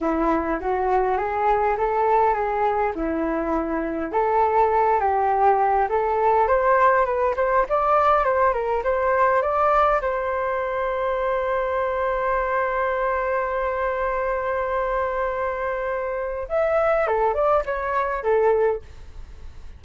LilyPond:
\new Staff \with { instrumentName = "flute" } { \time 4/4 \tempo 4 = 102 e'4 fis'4 gis'4 a'4 | gis'4 e'2 a'4~ | a'8 g'4. a'4 c''4 | b'8 c''8 d''4 c''8 ais'8 c''4 |
d''4 c''2.~ | c''1~ | c''1 | e''4 a'8 d''8 cis''4 a'4 | }